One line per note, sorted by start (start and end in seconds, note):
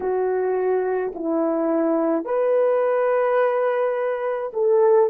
0.00 1.12 F#4
1.14 2.24 E4
2.24 4.51 B4
4.53 5.09 A4